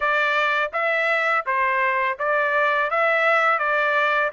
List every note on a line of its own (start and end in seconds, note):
0.00 0.71 D5
0.73 1.45 E5
1.46 2.18 C5
2.19 2.90 D5
2.90 3.58 E5
3.58 4.30 D5